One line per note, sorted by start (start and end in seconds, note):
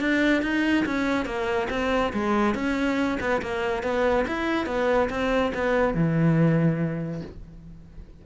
0.00 0.42 D4
0.42 0.85 D#4
0.85 1.25 C#4
1.25 1.68 A#3
1.70 2.12 C4
2.13 2.55 G#3
2.55 3.18 C#4
3.20 3.41 B3
3.41 3.83 A#3
3.83 4.25 B3
4.27 4.66 E4
4.66 5.09 B3
5.09 5.52 C4
5.54 5.94 B3
5.94 7.22 E3